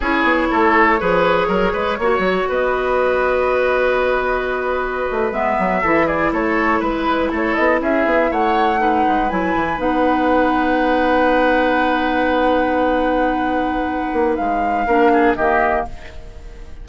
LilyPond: <<
  \new Staff \with { instrumentName = "flute" } { \time 4/4 \tempo 4 = 121 cis''1~ | cis''4 dis''2.~ | dis''2~ dis''8. e''4~ e''16~ | e''16 d''8 cis''4 b'4 cis''8 dis''8 e''16~ |
e''8. fis''2 gis''4 fis''16~ | fis''1~ | fis''1~ | fis''4 f''2 dis''4 | }
  \new Staff \with { instrumentName = "oboe" } { \time 4/4 gis'4 a'4 b'4 ais'8 b'8 | cis''4 b'2.~ | b'2.~ b'8. a'16~ | a'16 gis'8 a'4 b'4 a'4 gis'16~ |
gis'8. cis''4 b'2~ b'16~ | b'1~ | b'1~ | b'2 ais'8 gis'8 g'4 | }
  \new Staff \with { instrumentName = "clarinet" } { \time 4/4 e'2 gis'2 | fis'1~ | fis'2~ fis'8. b4 e'16~ | e'1~ |
e'4.~ e'16 dis'4 e'4 dis'16~ | dis'1~ | dis'1~ | dis'2 d'4 ais4 | }
  \new Staff \with { instrumentName = "bassoon" } { \time 4/4 cis'8 b8 a4 f4 fis8 gis8 | ais8 fis8 b2.~ | b2~ b16 a8 gis8 fis8 e16~ | e8. a4 gis4 a8 b8 cis'16~ |
cis'16 b8 a4. gis8 fis8 e8 b16~ | b1~ | b1~ | b8 ais8 gis4 ais4 dis4 | }
>>